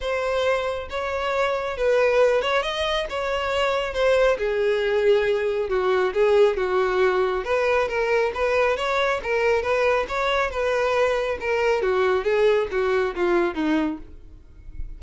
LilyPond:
\new Staff \with { instrumentName = "violin" } { \time 4/4 \tempo 4 = 137 c''2 cis''2 | b'4. cis''8 dis''4 cis''4~ | cis''4 c''4 gis'2~ | gis'4 fis'4 gis'4 fis'4~ |
fis'4 b'4 ais'4 b'4 | cis''4 ais'4 b'4 cis''4 | b'2 ais'4 fis'4 | gis'4 fis'4 f'4 dis'4 | }